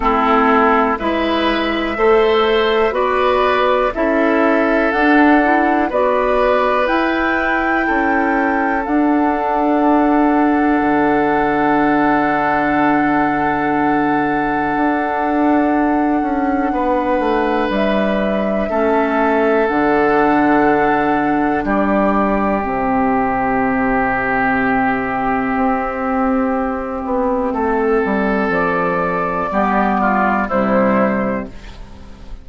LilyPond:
<<
  \new Staff \with { instrumentName = "flute" } { \time 4/4 \tempo 4 = 61 a'4 e''2 d''4 | e''4 fis''4 d''4 g''4~ | g''4 fis''2.~ | fis''1~ |
fis''2 e''2 | fis''2 d''4 e''4~ | e''1~ | e''4 d''2 c''4 | }
  \new Staff \with { instrumentName = "oboe" } { \time 4/4 e'4 b'4 c''4 b'4 | a'2 b'2 | a'1~ | a'1~ |
a'4 b'2 a'4~ | a'2 g'2~ | g'1 | a'2 g'8 f'8 e'4 | }
  \new Staff \with { instrumentName = "clarinet" } { \time 4/4 c'4 e'4 a'4 fis'4 | e'4 d'8 e'8 fis'4 e'4~ | e'4 d'2.~ | d'1~ |
d'2. cis'4 | d'2. c'4~ | c'1~ | c'2 b4 g4 | }
  \new Staff \with { instrumentName = "bassoon" } { \time 4/4 a4 gis4 a4 b4 | cis'4 d'4 b4 e'4 | cis'4 d'2 d4~ | d2. d'4~ |
d'8 cis'8 b8 a8 g4 a4 | d2 g4 c4~ | c2 c'4. b8 | a8 g8 f4 g4 c4 | }
>>